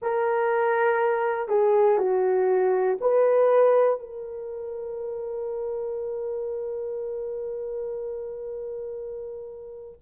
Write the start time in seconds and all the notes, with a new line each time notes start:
0.01 A#4
1.48 G#4
1.98 F#4
3.00 B4
3.99 A#4